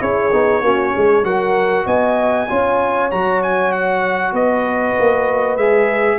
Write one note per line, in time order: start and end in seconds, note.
0.00 0.32 C#4
0.00 0.31 E4
0.00 0.63 G#4
0.00 1.25 C#5
0.33 0.62 B3
0.33 0.63 D#4
0.62 0.93 A#3
0.62 1.24 C#4
0.62 0.94 F#4
0.94 1.23 G#3
0.94 1.24 G#4
1.23 1.85 F#3
1.23 2.48 F#4
1.23 1.86 A#4
1.23 1.86 F#5
1.86 2.48 B3
1.86 2.48 D#5
1.86 3.11 G#5
2.48 3.12 C#4
2.48 3.11 F4
2.48 4.34 C#5
3.11 4.33 F#3
3.11 5.59 F#4
3.11 3.42 A#5
3.43 3.72 G#5
3.72 4.34 F#5
4.33 4.95 B3
4.33 6.19 B4
4.33 5.57 D#5
4.99 5.57 A#3
5.57 6.19 G#3
5.57 6.19 G#4
5.57 6.19 E5